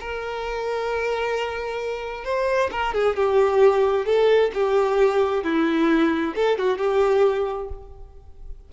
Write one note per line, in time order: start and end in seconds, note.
0.00 2.24 A#4
2.24 2.70 C5
2.71 2.94 A#4
2.94 3.16 G#4
3.16 4.06 G4
4.06 4.51 A4
4.54 5.43 G4
5.43 6.34 E4
6.35 6.58 A4
6.58 6.77 F#4
6.77 7.68 G4